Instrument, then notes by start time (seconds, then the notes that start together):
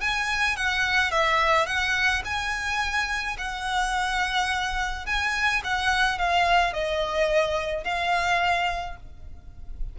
violin
0.00 G#5
0.56 F#5
1.11 E5
1.66 F#5
2.24 G#5
3.37 F#5
5.06 G#5
5.64 F#5
6.18 F5
6.73 D#5
7.84 F5